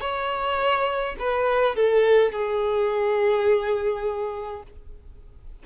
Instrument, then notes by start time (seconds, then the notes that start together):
violin
0.00 C#5
1.19 B4
1.76 A4
2.32 G#4